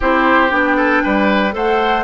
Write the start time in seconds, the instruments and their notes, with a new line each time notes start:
0.00 bassoon C4, clarinet E4, oboe G4, flute C5
0.49 bassoon B3, clarinet D4, flute G5
0.76 oboe A4
1.03 bassoon G3, oboe B4
1.51 bassoon A3, clarinet A4, oboe C5, flute F#5